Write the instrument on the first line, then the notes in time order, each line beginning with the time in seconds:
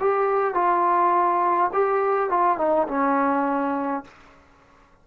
trombone
0.00 G4
0.54 F4
1.73 G4
2.30 F4
2.58 D#4
2.88 C#4